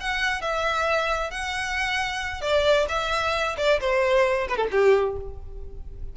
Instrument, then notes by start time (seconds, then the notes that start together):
violin
0.00 F#5
0.41 E5
1.30 F#5
2.41 D5
2.88 E5
3.57 D5
3.80 C5
4.48 B4
4.56 A4
4.71 G4